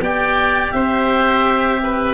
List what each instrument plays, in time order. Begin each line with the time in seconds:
0.00 tuba B3, cello G4, oboe D5 G5
0.72 tuba C4, oboe C5 E5
1.83 oboe B4